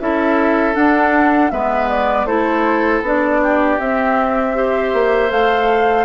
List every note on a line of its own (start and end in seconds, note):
0.00 0.76 C#4
0.00 0.74 E4
0.00 1.53 A4
0.00 0.75 E5
0.74 1.50 D4
0.74 1.52 D4
0.74 1.51 F#5
1.51 2.26 G#3
1.51 2.28 B3
1.51 2.27 B4
1.51 1.89 E5
1.89 2.26 D5
2.26 3.02 A3
2.26 3.03 E4
2.26 3.41 A4
2.26 3.02 C5
3.02 3.78 B3
3.02 3.80 D4
3.02 3.80 D5
3.43 4.57 G4
3.80 4.94 C4
3.80 4.55 C4
3.80 5.31 E5
4.55 5.29 G4
4.55 6.05 C5
4.94 5.31 A#3
5.29 6.05 A3
5.29 6.05 A4
5.29 6.05 F5